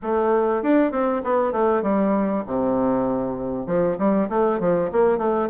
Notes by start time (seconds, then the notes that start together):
0.02 A3
0.62 D4
0.91 C4
1.24 B3
1.52 A3
1.82 G3
2.46 C3
3.66 F3
3.98 G3
4.29 A3
4.59 F3
4.91 A#3
5.18 A3